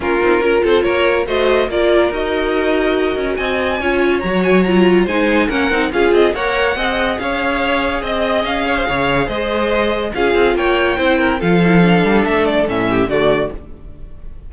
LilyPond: <<
  \new Staff \with { instrumentName = "violin" } { \time 4/4 \tempo 4 = 142 ais'4. c''8 cis''4 dis''4 | d''4 dis''2. | gis''2 ais''8 gis''8 ais''4 | gis''4 fis''4 f''8 dis''8 fis''4~ |
fis''4 f''2 dis''4 | f''2 dis''2 | f''4 g''2 f''4~ | f''4 e''8 d''8 e''4 d''4 | }
  \new Staff \with { instrumentName = "violin" } { \time 4/4 f'4 ais'8 a'8 ais'4 c''4 | ais'1 | dis''4 cis''2. | c''4 ais'4 gis'4 cis''4 |
dis''4 cis''2 dis''4~ | dis''8 cis''16 c''16 cis''4 c''2 | gis'4 cis''4 c''8 ais'8 a'4~ | a'2~ a'8 g'8 fis'4 | }
  \new Staff \with { instrumentName = "viola" } { \time 4/4 cis'8 dis'8 f'2 fis'4 | f'4 fis'2.~ | fis'4 f'4 fis'4 f'4 | dis'4 cis'8 dis'8 f'4 ais'4 |
gis'1~ | gis'1 | f'2 e'4 f'8 e'8 | d'2 cis'4 a4 | }
  \new Staff \with { instrumentName = "cello" } { \time 4/4 ais8 c'8 cis'8 c'8 ais4 a4 | ais4 dis'2~ dis'8 cis'8 | c'4 cis'4 fis2 | gis4 ais8 c'8 cis'8 c'8 ais4 |
c'4 cis'2 c'4 | cis'4 cis4 gis2 | cis'8 c'8 ais4 c'4 f4~ | f8 g8 a4 a,4 d4 | }
>>